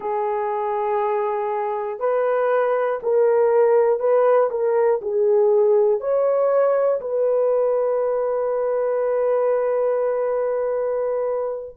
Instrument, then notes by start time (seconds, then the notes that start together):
horn
0.00 G#4
2.00 B4
3.02 A#4
3.99 B4
4.50 A#4
5.01 G#4
6.00 C#5
7.00 B4